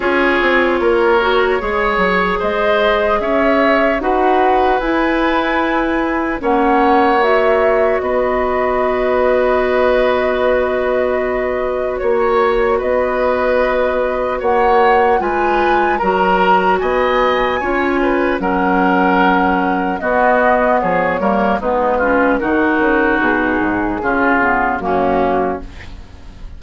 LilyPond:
<<
  \new Staff \with { instrumentName = "flute" } { \time 4/4 \tempo 4 = 75 cis''2. dis''4 | e''4 fis''4 gis''2 | fis''4 e''4 dis''2~ | dis''2. cis''4 |
dis''2 fis''4 gis''4 | ais''4 gis''2 fis''4~ | fis''4 dis''4 cis''4 b'4 | ais'4 gis'2 fis'4 | }
  \new Staff \with { instrumentName = "oboe" } { \time 4/4 gis'4 ais'4 cis''4 c''4 | cis''4 b'2. | cis''2 b'2~ | b'2. cis''4 |
b'2 cis''4 b'4 | ais'4 dis''4 cis''8 b'8 ais'4~ | ais'4 fis'4 gis'8 ais'8 dis'8 f'8 | fis'2 f'4 cis'4 | }
  \new Staff \with { instrumentName = "clarinet" } { \time 4/4 f'4. fis'8 gis'2~ | gis'4 fis'4 e'2 | cis'4 fis'2.~ | fis'1~ |
fis'2. f'4 | fis'2 f'4 cis'4~ | cis'4 b4. ais8 b8 cis'8 | dis'2 cis'8 b8 ais4 | }
  \new Staff \with { instrumentName = "bassoon" } { \time 4/4 cis'8 c'8 ais4 gis8 fis8 gis4 | cis'4 dis'4 e'2 | ais2 b2~ | b2. ais4 |
b2 ais4 gis4 | fis4 b4 cis'4 fis4~ | fis4 b4 f8 g8 gis4 | dis8 cis8 b,8 gis,8 cis4 fis,4 | }
>>